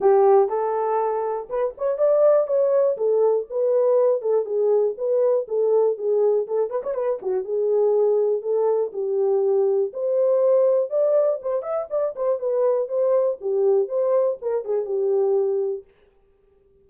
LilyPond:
\new Staff \with { instrumentName = "horn" } { \time 4/4 \tempo 4 = 121 g'4 a'2 b'8 cis''8 | d''4 cis''4 a'4 b'4~ | b'8 a'8 gis'4 b'4 a'4 | gis'4 a'8 b'16 cis''16 b'8 fis'8 gis'4~ |
gis'4 a'4 g'2 | c''2 d''4 c''8 e''8 | d''8 c''8 b'4 c''4 g'4 | c''4 ais'8 gis'8 g'2 | }